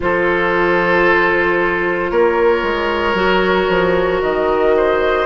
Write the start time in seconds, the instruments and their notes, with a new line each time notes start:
0.00 bassoon F3, clarinet F4, oboe A4, flute C5
2.10 bassoon A#3, oboe A#4, flute C#5
2.62 bassoon G#3
3.14 bassoon F#3, clarinet F#4
3.68 bassoon F3
4.21 bassoon D#3, flute D#5
4.77 oboe C5